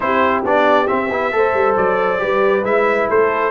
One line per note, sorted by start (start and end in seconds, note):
0.00 0.44 C4
0.00 0.43 E4
0.00 1.35 G4
0.00 0.43 C5
0.44 0.88 B3
0.44 0.86 D4
0.44 0.87 D5
0.86 1.08 C4
0.86 1.10 C4
0.86 1.75 E5
1.10 1.32 B3
1.10 1.32 E4
1.32 1.54 A3
1.32 2.18 A4
1.32 2.22 C5
1.54 1.76 G3
1.76 2.21 F#3
1.76 2.64 D5
2.18 2.63 G3
2.18 2.62 G4
2.18 3.09 B4
2.63 3.07 G#3
2.63 3.51 E4
2.63 3.08 E5
3.09 3.51 A3
3.09 3.51 A4
3.09 3.51 C5